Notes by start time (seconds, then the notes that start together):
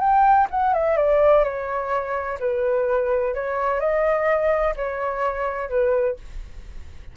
0.00 G5
0.50 F#5
0.74 E5
0.97 D5
1.44 C#5
2.40 B4
3.35 C#5
3.80 D#5
4.76 C#5
5.69 B4